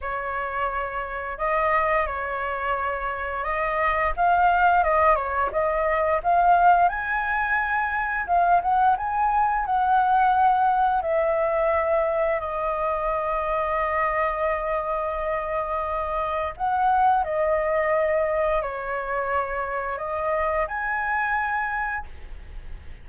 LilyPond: \new Staff \with { instrumentName = "flute" } { \time 4/4 \tempo 4 = 87 cis''2 dis''4 cis''4~ | cis''4 dis''4 f''4 dis''8 cis''8 | dis''4 f''4 gis''2 | f''8 fis''8 gis''4 fis''2 |
e''2 dis''2~ | dis''1 | fis''4 dis''2 cis''4~ | cis''4 dis''4 gis''2 | }